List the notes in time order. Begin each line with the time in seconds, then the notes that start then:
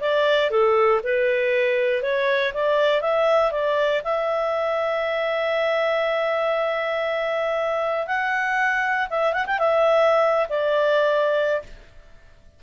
0.00 D5
0.50 A4
1.04 B4
2.02 C#5
2.53 D5
3.01 E5
3.52 D5
4.04 E5
8.07 F#5
9.10 E5
9.33 F#5
9.46 G5
9.59 E5
10.49 D5